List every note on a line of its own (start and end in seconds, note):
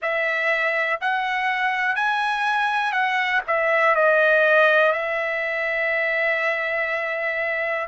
0.01 1.00 E5
1.00 1.95 F#5
1.95 2.92 G#5
2.92 3.41 F#5
3.47 3.95 E5
3.95 4.92 D#5
4.92 7.87 E5